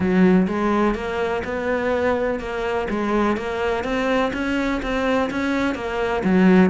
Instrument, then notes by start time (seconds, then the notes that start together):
cello
0.00 F#3
0.47 G#3
0.94 A#3
1.44 B3
2.39 A#3
2.90 G#3
3.36 A#3
3.84 C4
4.33 C#4
4.82 C4
5.30 C#4
5.74 A#3
6.24 F#3